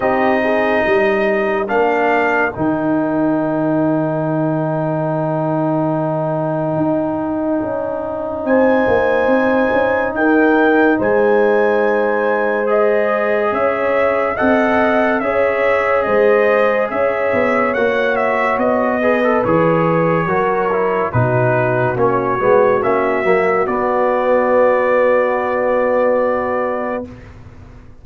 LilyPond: <<
  \new Staff \with { instrumentName = "trumpet" } { \time 4/4 \tempo 4 = 71 dis''2 f''4 g''4~ | g''1~ | g''2 gis''2 | g''4 gis''2 dis''4 |
e''4 fis''4 e''4 dis''4 | e''4 fis''8 e''8 dis''4 cis''4~ | cis''4 b'4 cis''4 e''4 | d''1 | }
  \new Staff \with { instrumentName = "horn" } { \time 4/4 g'8 gis'8 ais'2.~ | ais'1~ | ais'2 c''2 | ais'4 c''2. |
cis''4 dis''4 cis''4 c''4 | cis''2~ cis''8 b'4. | ais'4 fis'2.~ | fis'1 | }
  \new Staff \with { instrumentName = "trombone" } { \time 4/4 dis'2 d'4 dis'4~ | dis'1~ | dis'1~ | dis'2. gis'4~ |
gis'4 a'4 gis'2~ | gis'4 fis'4. gis'16 a'16 gis'4 | fis'8 e'8 dis'4 cis'8 b8 cis'8 ais8 | b1 | }
  \new Staff \with { instrumentName = "tuba" } { \time 4/4 c'4 g4 ais4 dis4~ | dis1 | dis'4 cis'4 c'8 ais8 c'8 cis'8 | dis'4 gis2. |
cis'4 c'4 cis'4 gis4 | cis'8 b8 ais4 b4 e4 | fis4 b,4 ais8 gis8 ais8 fis8 | b1 | }
>>